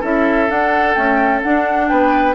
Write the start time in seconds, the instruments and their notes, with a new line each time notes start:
0.00 bassoon C#4, clarinet E4, oboe A4, flute E5
0.48 clarinet D4, bassoon D4, flute F#5
0.94 clarinet A3, bassoon C#4, flute G5
1.43 bassoon D4, clarinet D4, flute F#5
1.88 bassoon B3, oboe B4, flute G5